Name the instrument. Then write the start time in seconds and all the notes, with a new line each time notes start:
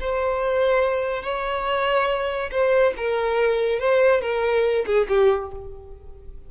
violin
0.00 C5
1.23 C#5
2.51 C5
2.97 A#4
3.80 C5
4.21 A#4
4.86 G#4
5.09 G4